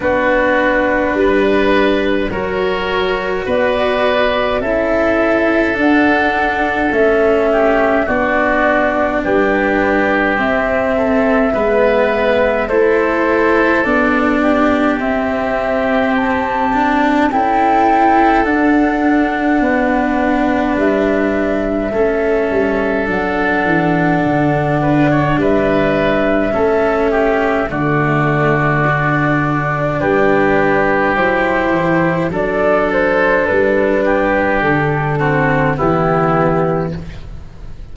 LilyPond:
<<
  \new Staff \with { instrumentName = "flute" } { \time 4/4 \tempo 4 = 52 b'2 cis''4 d''4 | e''4 fis''4 e''4 d''4 | b'4 e''2 c''4 | d''4 e''4 a''4 g''4 |
fis''2 e''2 | fis''2 e''2 | d''2 b'4 c''4 | d''8 c''8 b'4 a'4 g'4 | }
  \new Staff \with { instrumentName = "oboe" } { \time 4/4 fis'4 b'4 ais'4 b'4 | a'2~ a'8 g'8 fis'4 | g'4. a'8 b'4 a'4~ | a'8 g'2~ g'8 a'4~ |
a'4 b'2 a'4~ | a'4. b'16 cis''16 b'4 a'8 g'8 | fis'2 g'2 | a'4. g'4 fis'8 e'4 | }
  \new Staff \with { instrumentName = "cello" } { \time 4/4 d'2 fis'2 | e'4 d'4 cis'4 d'4~ | d'4 c'4 b4 e'4 | d'4 c'4. d'8 e'4 |
d'2. cis'4 | d'2. cis'4 | a4 d'2 e'4 | d'2~ d'8 c'8 b4 | }
  \new Staff \with { instrumentName = "tuba" } { \time 4/4 b4 g4 fis4 b4 | cis'4 d'4 a4 b4 | g4 c'4 gis4 a4 | b4 c'2 cis'4 |
d'4 b4 g4 a8 g8 | fis8 e8 d4 g4 a4 | d2 g4 fis8 e8 | fis4 g4 d4 e4 | }
>>